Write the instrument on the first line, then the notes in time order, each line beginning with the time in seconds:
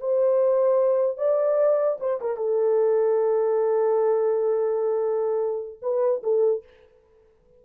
horn
0.00 C5
1.18 D5
2.00 C5
2.21 A#4
2.37 A4
5.82 B4
6.23 A4